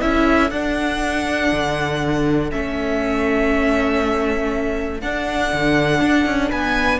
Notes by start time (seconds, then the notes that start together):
0.00 C#4 E4 A4 E5
0.51 D4 F#5
1.52 D3
2.51 A3 C#4 E5
5.01 D4 F#5
5.53 D3
6.01 D4
6.26 C#4
6.49 B3 B4 G#5